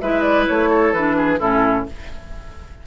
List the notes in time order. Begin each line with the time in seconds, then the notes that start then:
0.00 G#3 E4 B4 E5
0.21 D5
0.47 A3 C#5
0.69 A4
0.92 E3 D4 B4
1.16 G#4
1.39 A2 C#4 E4 A4